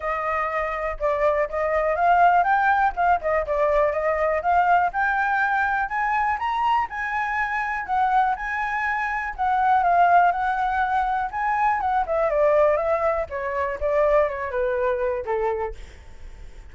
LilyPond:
\new Staff \with { instrumentName = "flute" } { \time 4/4 \tempo 4 = 122 dis''2 d''4 dis''4 | f''4 g''4 f''8 dis''8 d''4 | dis''4 f''4 g''2 | gis''4 ais''4 gis''2 |
fis''4 gis''2 fis''4 | f''4 fis''2 gis''4 | fis''8 e''8 d''4 e''4 cis''4 | d''4 cis''8 b'4. a'4 | }